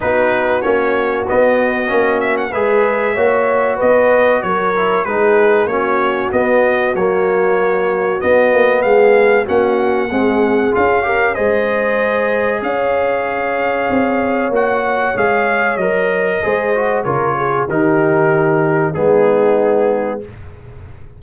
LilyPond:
<<
  \new Staff \with { instrumentName = "trumpet" } { \time 4/4 \tempo 4 = 95 b'4 cis''4 dis''4. e''16 fis''16 | e''2 dis''4 cis''4 | b'4 cis''4 dis''4 cis''4~ | cis''4 dis''4 f''4 fis''4~ |
fis''4 f''4 dis''2 | f''2. fis''4 | f''4 dis''2 cis''4 | ais'2 gis'2 | }
  \new Staff \with { instrumentName = "horn" } { \time 4/4 fis'1 | b'4 cis''4 b'4 ais'4 | gis'4 fis'2.~ | fis'2 gis'4 fis'4 |
gis'4. ais'8 c''2 | cis''1~ | cis''2 c''4 ais'8 gis'8 | g'2 dis'2 | }
  \new Staff \with { instrumentName = "trombone" } { \time 4/4 dis'4 cis'4 b4 cis'4 | gis'4 fis'2~ fis'8 e'8 | dis'4 cis'4 b4 ais4~ | ais4 b2 cis'4 |
gis4 f'8 g'8 gis'2~ | gis'2. fis'4 | gis'4 ais'4 gis'8 fis'8 f'4 | dis'2 b2 | }
  \new Staff \with { instrumentName = "tuba" } { \time 4/4 b4 ais4 b4 ais4 | gis4 ais4 b4 fis4 | gis4 ais4 b4 fis4~ | fis4 b8 ais8 gis4 ais4 |
c'4 cis'4 gis2 | cis'2 c'4 ais4 | gis4 fis4 gis4 cis4 | dis2 gis2 | }
>>